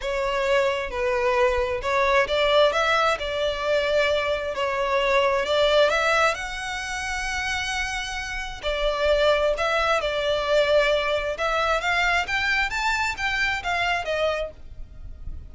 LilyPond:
\new Staff \with { instrumentName = "violin" } { \time 4/4 \tempo 4 = 132 cis''2 b'2 | cis''4 d''4 e''4 d''4~ | d''2 cis''2 | d''4 e''4 fis''2~ |
fis''2. d''4~ | d''4 e''4 d''2~ | d''4 e''4 f''4 g''4 | a''4 g''4 f''4 dis''4 | }